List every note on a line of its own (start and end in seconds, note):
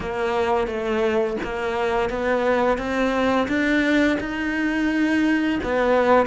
0.00 0.67 A#3
0.67 1.36 A3
1.43 2.09 A#3
2.09 2.77 B3
2.77 3.47 C4
3.48 4.17 D4
4.20 5.59 D#4
5.63 6.26 B3